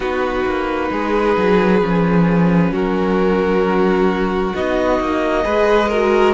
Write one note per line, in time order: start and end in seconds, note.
0.00 0.45 B3
0.00 1.80 D#4
0.00 0.91 F#4
0.00 2.73 B4
0.45 0.91 A#3
0.91 1.36 G#3
0.91 2.72 G#4
1.37 1.81 F#3
1.80 2.71 F3
1.80 4.53 C#4
2.71 4.53 F#3
2.71 5.44 F#4
2.71 4.54 A#4
4.54 4.99 B3
4.54 5.43 D#4
4.54 6.34 D#5
4.99 5.45 A#3
5.43 6.34 G#3
5.43 5.88 G#4
5.43 5.88 B4
5.88 6.34 F#4
5.88 6.34 A#4